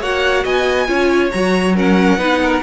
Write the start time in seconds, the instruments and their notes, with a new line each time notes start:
0.00 cello A#3, viola F#4, violin C#5 F#5
0.43 cello B3, violin D#5 G#5
0.86 cello C#4, viola F4, violin C#5
1.30 cello F#3, viola F#4, violin A#5
1.75 viola C#4, violin A#4 F#5
2.17 cello B3, viola D#4, violin B4
2.42 violin A#4